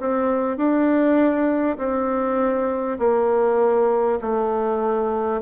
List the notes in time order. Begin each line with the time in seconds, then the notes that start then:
0.00 C4
0.57 D4
1.78 C4
2.99 A#3
4.21 A3